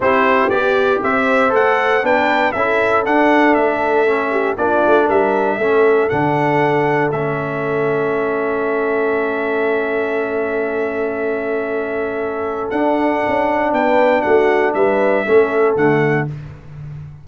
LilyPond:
<<
  \new Staff \with { instrumentName = "trumpet" } { \time 4/4 \tempo 4 = 118 c''4 d''4 e''4 fis''4 | g''4 e''4 fis''4 e''4~ | e''4 d''4 e''2 | fis''2 e''2~ |
e''1~ | e''1~ | e''4 fis''2 g''4 | fis''4 e''2 fis''4 | }
  \new Staff \with { instrumentName = "horn" } { \time 4/4 g'2 c''2 | b'4 a'2.~ | a'8 g'8 f'4 ais'4 a'4~ | a'1~ |
a'1~ | a'1~ | a'2. b'4 | fis'4 b'4 a'2 | }
  \new Staff \with { instrumentName = "trombone" } { \time 4/4 e'4 g'2 a'4 | d'4 e'4 d'2 | cis'4 d'2 cis'4 | d'2 cis'2~ |
cis'1~ | cis'1~ | cis'4 d'2.~ | d'2 cis'4 a4 | }
  \new Staff \with { instrumentName = "tuba" } { \time 4/4 c'4 b4 c'4 a4 | b4 cis'4 d'4 a4~ | a4 ais8 a8 g4 a4 | d2 a2~ |
a1~ | a1~ | a4 d'4 cis'4 b4 | a4 g4 a4 d4 | }
>>